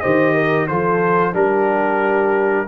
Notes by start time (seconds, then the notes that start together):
0.00 D#3 G4 C5 D#5
0.34 A#4
0.67 F3 F4 A4 C5
1.33 G3 D4 G4 A#4